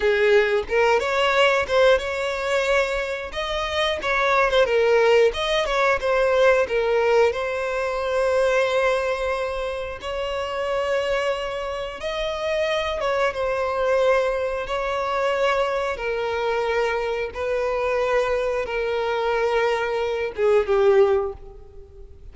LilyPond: \new Staff \with { instrumentName = "violin" } { \time 4/4 \tempo 4 = 90 gis'4 ais'8 cis''4 c''8 cis''4~ | cis''4 dis''4 cis''8. c''16 ais'4 | dis''8 cis''8 c''4 ais'4 c''4~ | c''2. cis''4~ |
cis''2 dis''4. cis''8 | c''2 cis''2 | ais'2 b'2 | ais'2~ ais'8 gis'8 g'4 | }